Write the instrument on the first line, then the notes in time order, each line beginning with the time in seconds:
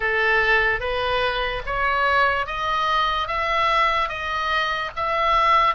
oboe
0.00 A4
0.80 B4
1.66 C#5
2.46 D#5
3.27 E5
4.08 D#5
4.95 E5